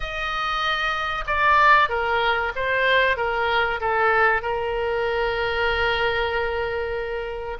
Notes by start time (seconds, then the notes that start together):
0.00 D#5
1.26 D5
1.89 A#4
2.55 C5
3.17 A#4
3.80 A4
4.42 A#4